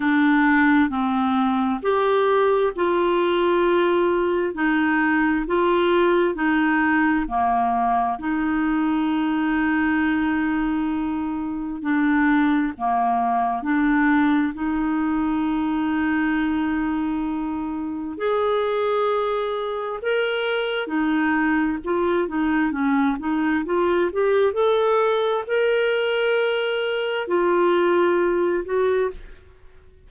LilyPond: \new Staff \with { instrumentName = "clarinet" } { \time 4/4 \tempo 4 = 66 d'4 c'4 g'4 f'4~ | f'4 dis'4 f'4 dis'4 | ais4 dis'2.~ | dis'4 d'4 ais4 d'4 |
dis'1 | gis'2 ais'4 dis'4 | f'8 dis'8 cis'8 dis'8 f'8 g'8 a'4 | ais'2 f'4. fis'8 | }